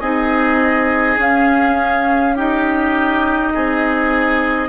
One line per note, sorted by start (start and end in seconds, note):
0.00 1.17 C4
0.00 1.18 D#4
0.00 2.35 G#4
0.00 1.18 D#5
1.17 3.52 C#4
1.17 2.35 C#4
1.17 2.38 F5
2.35 4.68 D#4
2.35 3.53 G4
2.35 4.68 D#5
3.54 4.68 C4
3.54 4.68 G#4